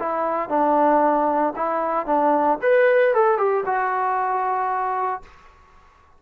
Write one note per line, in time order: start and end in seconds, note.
0.00 0.50 E4
0.50 1.54 D4
1.56 2.07 E4
2.07 2.59 D4
2.63 3.15 B4
3.15 3.38 A4
3.38 3.64 G4
3.66 5.23 F#4